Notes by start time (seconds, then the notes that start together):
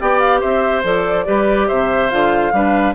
0.00 B3 G4 D5 G5
0.19 F5
0.41 C4 C5 E5
0.84 F3 A4 D5
1.26 G3 G4 B4
1.68 C3 C5 E5
2.10 D3 F4 F5
2.52 G3 D4 B4